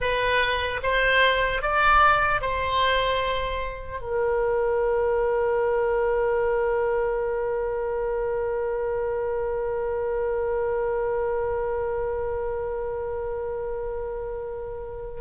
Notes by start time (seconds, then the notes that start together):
0.00 B4
0.82 C5
1.61 D5
2.41 C5
4.00 A#4